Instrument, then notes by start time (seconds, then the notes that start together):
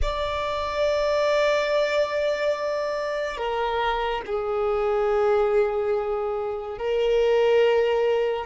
violin
0.02 D5
3.37 A#4
4.26 G#4
6.78 A#4